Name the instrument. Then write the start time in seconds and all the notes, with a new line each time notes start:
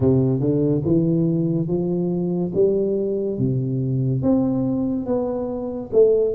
tuba
0.00 C3
0.40 D3
0.85 E3
1.67 F3
2.54 G3
3.38 C3
4.22 C4
5.06 B3
5.92 A3